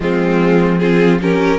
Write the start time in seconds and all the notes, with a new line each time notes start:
0.00 F3 G#3 C4 F4
0.78 C4 F4 G#4
1.21 C#4 G4 A#4